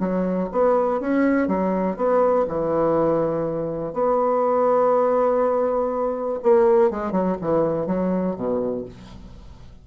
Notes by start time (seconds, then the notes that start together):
0.00 F#3
0.52 B3
1.01 C#4
1.48 F#3
1.97 B3
2.48 E3
3.93 B3
6.43 A#3
6.91 G#3
7.12 F#3
7.41 E3
7.87 F#3
8.36 B2